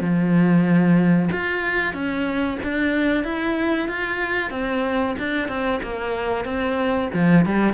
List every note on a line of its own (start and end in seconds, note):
0.00 1.29 F3
1.32 1.94 F4
1.94 2.58 C#4
2.63 3.24 D4
3.24 3.88 E4
3.88 4.50 F4
4.50 5.15 C4
5.18 5.48 D4
5.48 5.80 C4
5.83 6.45 A#3
6.45 7.09 C4
7.13 7.45 F3
7.45 7.73 G3